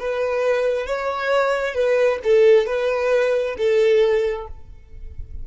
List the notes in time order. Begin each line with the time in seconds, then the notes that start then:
0.00 B4
0.87 C#5
1.75 B4
2.24 A4
2.67 B4
3.58 A4